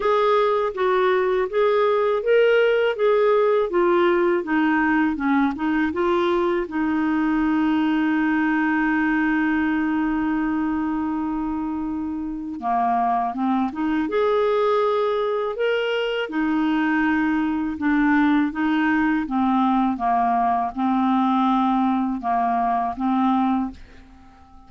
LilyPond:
\new Staff \with { instrumentName = "clarinet" } { \time 4/4 \tempo 4 = 81 gis'4 fis'4 gis'4 ais'4 | gis'4 f'4 dis'4 cis'8 dis'8 | f'4 dis'2.~ | dis'1~ |
dis'4 ais4 c'8 dis'8 gis'4~ | gis'4 ais'4 dis'2 | d'4 dis'4 c'4 ais4 | c'2 ais4 c'4 | }